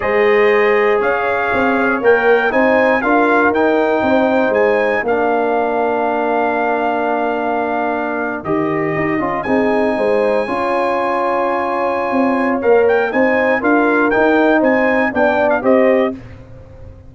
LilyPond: <<
  \new Staff \with { instrumentName = "trumpet" } { \time 4/4 \tempo 4 = 119 dis''2 f''2 | g''4 gis''4 f''4 g''4~ | g''4 gis''4 f''2~ | f''1~ |
f''8. dis''2 gis''4~ gis''16~ | gis''1~ | gis''4 f''8 g''8 gis''4 f''4 | g''4 gis''4 g''8. f''16 dis''4 | }
  \new Staff \with { instrumentName = "horn" } { \time 4/4 c''2 cis''2~ | cis''4 c''4 ais'2 | c''2 ais'2~ | ais'1~ |
ais'2~ ais'8. gis'4 c''16~ | c''8. cis''2.~ cis''16~ | cis''2 c''4 ais'4~ | ais'4 c''4 d''4 c''4 | }
  \new Staff \with { instrumentName = "trombone" } { \time 4/4 gis'1 | ais'4 dis'4 f'4 dis'4~ | dis'2 d'2~ | d'1~ |
d'8. g'4. f'8 dis'4~ dis'16~ | dis'8. f'2.~ f'16~ | f'4 ais'4 dis'4 f'4 | dis'2 d'4 g'4 | }
  \new Staff \with { instrumentName = "tuba" } { \time 4/4 gis2 cis'4 c'4 | ais4 c'4 d'4 dis'4 | c'4 gis4 ais2~ | ais1~ |
ais8. dis4 dis'8 cis'8 c'4 gis16~ | gis8. cis'2.~ cis'16 | c'4 ais4 c'4 d'4 | dis'4 c'4 b4 c'4 | }
>>